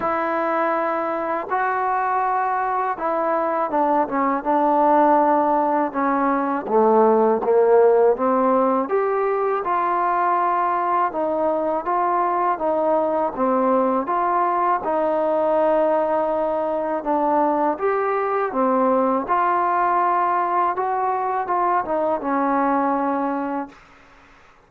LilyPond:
\new Staff \with { instrumentName = "trombone" } { \time 4/4 \tempo 4 = 81 e'2 fis'2 | e'4 d'8 cis'8 d'2 | cis'4 a4 ais4 c'4 | g'4 f'2 dis'4 |
f'4 dis'4 c'4 f'4 | dis'2. d'4 | g'4 c'4 f'2 | fis'4 f'8 dis'8 cis'2 | }